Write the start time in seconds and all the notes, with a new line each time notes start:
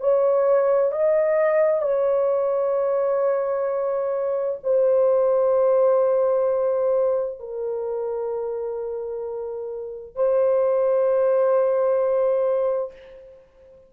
0.00 C#5
0.91 D#5
1.82 C#5
4.63 C5
7.39 A#4
10.15 C5